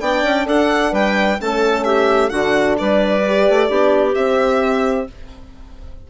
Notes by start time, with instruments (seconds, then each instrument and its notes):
0.00 bassoon B3, horn D4, clarinet D5, violin G5
0.23 bassoon C#4
0.46 bassoon D4, clarinet A4, violin F#5
0.91 bassoon G3, clarinet B4, violin G5
1.38 bassoon A3, horn C#4, clarinet A4, violin A5
1.84 clarinet G4, violin E5
2.29 bassoon D3, horn D4, clarinet F#4, violin F#5
2.78 bassoon G3, clarinet B4, violin D5
3.26 horn G4
3.49 bassoon A3
3.69 bassoon B3, horn D4, clarinet G4
4.15 bassoon C4, horn C4, violin E5